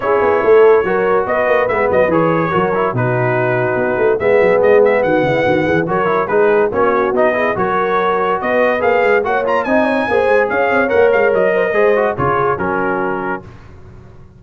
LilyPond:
<<
  \new Staff \with { instrumentName = "trumpet" } { \time 4/4 \tempo 4 = 143 cis''2. dis''4 | e''8 dis''8 cis''2 b'4~ | b'2 e''4 dis''8 e''8 | fis''2 cis''4 b'4 |
cis''4 dis''4 cis''2 | dis''4 f''4 fis''8 ais''8 gis''4~ | gis''4 f''4 fis''8 f''8 dis''4~ | dis''4 cis''4 ais'2 | }
  \new Staff \with { instrumentName = "horn" } { \time 4/4 gis'4 a'4 ais'4 b'4~ | b'2 ais'4 fis'4~ | fis'2 gis'2 | fis'8 e'8 fis'8 gis'8 ais'4 gis'4 |
fis'4. gis'8 ais'2 | b'2 cis''4 dis''8 cis''8 | c''4 cis''2~ cis''8 c''16 ais'16 | c''4 gis'4 fis'2 | }
  \new Staff \with { instrumentName = "trombone" } { \time 4/4 e'2 fis'2 | b4 gis'4 fis'8 e'8 dis'4~ | dis'2 b2~ | b2 fis'8 e'8 dis'4 |
cis'4 dis'8 e'8 fis'2~ | fis'4 gis'4 fis'8 f'8 dis'4 | gis'2 ais'2 | gis'8 fis'8 f'4 cis'2 | }
  \new Staff \with { instrumentName = "tuba" } { \time 4/4 cis'8 b8 a4 fis4 b8 ais8 | gis8 fis8 e4 fis4 b,4~ | b,4 b8 a8 gis8 fis8 gis4 | dis8 cis8 dis8 e8 fis4 gis4 |
ais4 b4 fis2 | b4 ais8 gis8 ais4 c'4 | ais8 gis8 cis'8 c'8 ais8 gis8 fis4 | gis4 cis4 fis2 | }
>>